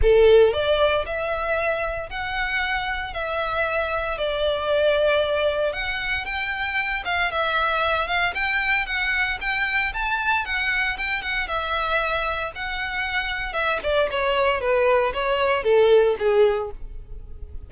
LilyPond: \new Staff \with { instrumentName = "violin" } { \time 4/4 \tempo 4 = 115 a'4 d''4 e''2 | fis''2 e''2 | d''2. fis''4 | g''4. f''8 e''4. f''8 |
g''4 fis''4 g''4 a''4 | fis''4 g''8 fis''8 e''2 | fis''2 e''8 d''8 cis''4 | b'4 cis''4 a'4 gis'4 | }